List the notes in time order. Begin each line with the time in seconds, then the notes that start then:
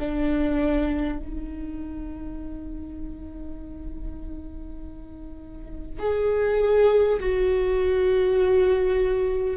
0.00 D4
1.20 D#4
6.00 G#4
7.20 F#4